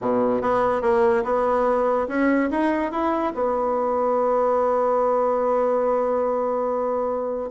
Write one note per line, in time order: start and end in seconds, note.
0.01 0.41 B2
0.41 0.81 B3
0.81 1.23 A#3
1.24 2.07 B3
2.07 2.49 C#4
2.51 2.91 D#4
2.91 3.33 E4
3.34 7.50 B3